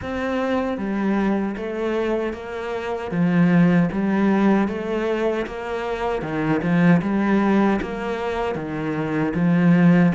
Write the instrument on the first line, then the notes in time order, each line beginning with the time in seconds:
cello
0.01 C4
0.77 G3
1.57 A3
2.33 A#3
3.11 F3
3.92 G3
4.68 A3
5.46 A#3
6.22 D#3
6.62 F3
7.02 G3
7.81 A#3
8.55 D#3
9.34 F3